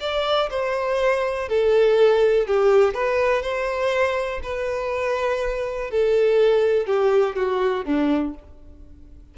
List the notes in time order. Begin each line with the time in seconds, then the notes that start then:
0.00 D5
0.50 C5
1.48 A4
2.47 G4
2.94 B4
3.42 C5
4.43 B4
5.90 A4
6.86 G4
7.35 F#4
7.84 D4